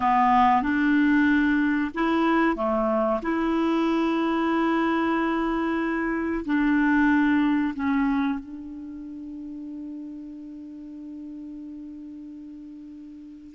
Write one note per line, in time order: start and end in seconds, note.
0.00 0.62 B3
0.62 1.91 D4
1.94 2.56 E4
2.56 3.20 A3
3.22 6.45 E4
6.45 7.74 D4
7.74 8.39 C#4
8.39 13.54 D4